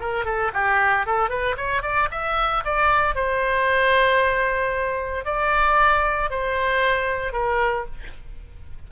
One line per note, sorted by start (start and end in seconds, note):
0.00 0.25 A#4
0.25 0.51 A4
0.53 1.06 G4
1.06 1.29 A4
1.29 1.56 B4
1.57 1.82 C#5
1.82 2.08 D5
2.11 2.63 E5
2.64 3.15 D5
3.15 5.25 C5
5.25 6.30 D5
6.30 7.33 C5
7.33 7.85 A#4